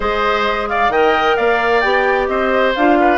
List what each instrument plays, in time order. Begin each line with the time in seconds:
0.00 bassoon G#3, clarinet G#4, oboe C5, flute D#5
0.68 oboe D5, flute F5
0.88 bassoon D#3, clarinet A#4, oboe D#5, flute G5
1.36 bassoon A#3, oboe D5, flute F5
1.80 bassoon B3, clarinet G4, flute G5
2.27 bassoon C4, oboe C5, flute D#5
2.75 bassoon D4, clarinet F4, flute F5
3.00 oboe B4